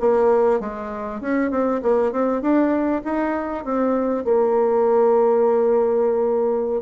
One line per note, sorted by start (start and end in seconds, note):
0.00 0.60 A#3
0.60 1.20 G#3
1.21 1.51 C#4
1.51 1.81 C4
1.82 2.12 A#3
2.12 2.41 C4
2.41 3.02 D4
3.04 3.64 D#4
3.64 4.24 C4
4.24 6.82 A#3